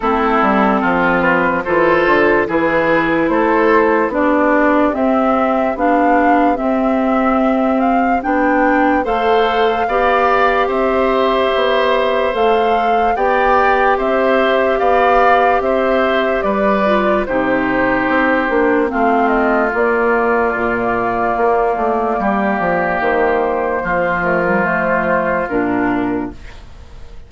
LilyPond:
<<
  \new Staff \with { instrumentName = "flute" } { \time 4/4 \tempo 4 = 73 a'4. b'8 c''4 b'4 | c''4 d''4 e''4 f''4 | e''4. f''8 g''4 f''4~ | f''4 e''2 f''4 |
g''4 e''4 f''4 e''4 | d''4 c''2 f''8 dis''8 | d''1 | c''4. ais'8 c''4 ais'4 | }
  \new Staff \with { instrumentName = "oboe" } { \time 4/4 e'4 f'4 a'4 gis'4 | a'4 g'2.~ | g'2. c''4 | d''4 c''2. |
d''4 c''4 d''4 c''4 | b'4 g'2 f'4~ | f'2. g'4~ | g'4 f'2. | }
  \new Staff \with { instrumentName = "clarinet" } { \time 4/4 c'2 f'4 e'4~ | e'4 d'4 c'4 d'4 | c'2 d'4 a'4 | g'2. a'4 |
g'1~ | g'8 f'8 dis'4. d'8 c'4 | ais1~ | ais4. a16 g16 a4 d'4 | }
  \new Staff \with { instrumentName = "bassoon" } { \time 4/4 a8 g8 f4 e8 d8 e4 | a4 b4 c'4 b4 | c'2 b4 a4 | b4 c'4 b4 a4 |
b4 c'4 b4 c'4 | g4 c4 c'8 ais8 a4 | ais4 ais,4 ais8 a8 g8 f8 | dis4 f2 ais,4 | }
>>